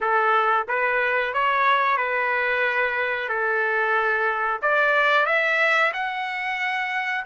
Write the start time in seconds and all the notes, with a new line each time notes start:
0.00 A4
0.67 B4
1.33 C#5
1.97 B4
3.28 A4
4.62 D5
5.26 E5
5.93 F#5